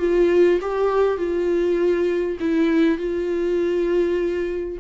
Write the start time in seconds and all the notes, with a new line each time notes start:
0.00 F4
0.61 G4
1.18 F4
2.40 E4
2.98 F4